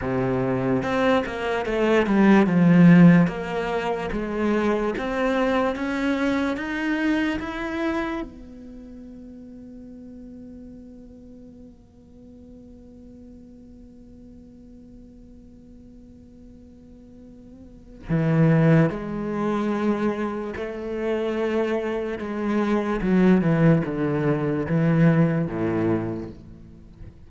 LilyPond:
\new Staff \with { instrumentName = "cello" } { \time 4/4 \tempo 4 = 73 c4 c'8 ais8 a8 g8 f4 | ais4 gis4 c'4 cis'4 | dis'4 e'4 b2~ | b1~ |
b1~ | b2 e4 gis4~ | gis4 a2 gis4 | fis8 e8 d4 e4 a,4 | }